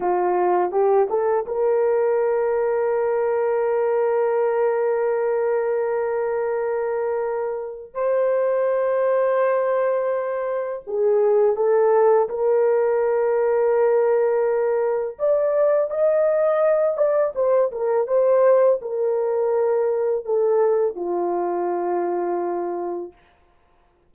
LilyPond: \new Staff \with { instrumentName = "horn" } { \time 4/4 \tempo 4 = 83 f'4 g'8 a'8 ais'2~ | ais'1~ | ais'2. c''4~ | c''2. gis'4 |
a'4 ais'2.~ | ais'4 d''4 dis''4. d''8 | c''8 ais'8 c''4 ais'2 | a'4 f'2. | }